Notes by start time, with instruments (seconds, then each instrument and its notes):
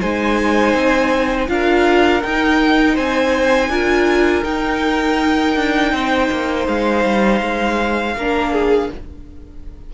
0.00 cello G#3, viola D#4, violin C5 G#5
0.74 cello C4
1.48 cello D4, viola F4, violin A#4 F5
2.23 cello D#4, viola D#4, violin G5
2.94 cello C4, violin C5 G#5
3.69 cello D4, viola F4, violin A#4
4.44 viola D#4, cello D#4, violin G5
5.56 cello D4
5.92 cello C4, violin C5
6.31 cello A#3
6.68 cello G#3, violin F5
7.05 cello G3
7.41 cello G#3
8.15 cello A#3, viola D4, violin A#4
8.53 violin G#4